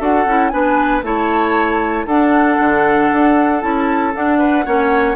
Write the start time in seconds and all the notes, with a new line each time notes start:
0.00 D4 F#4 A4 F#5
0.26 C#4 E4
0.49 B3 D4 B4 G#5
1.02 A3 E4 C#5 A5
2.06 D4 A4 F#5
2.60 D3
3.13 D4
3.61 C#4 E4 A5
4.15 D4 F#5
4.39 B4
4.65 A#3 C#4 C#5